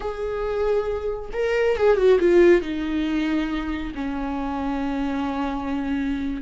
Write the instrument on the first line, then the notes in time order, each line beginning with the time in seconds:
viola
0.00 G#4
1.33 A#4
1.76 G#4
1.96 F#4
2.19 F4
2.61 D#4
3.94 C#4